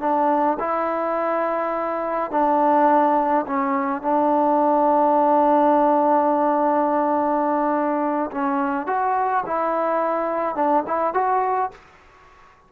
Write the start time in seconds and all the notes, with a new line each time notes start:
0.00 D4
0.59 E4
2.31 D4
3.46 C#4
4.02 D4
8.31 C#4
8.86 F#4
9.46 E4
10.55 D4
10.87 E4
11.14 F#4